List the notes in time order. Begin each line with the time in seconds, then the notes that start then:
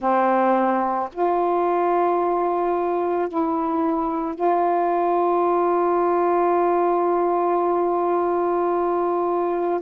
0.00 C4
1.12 F4
3.28 E4
4.34 F4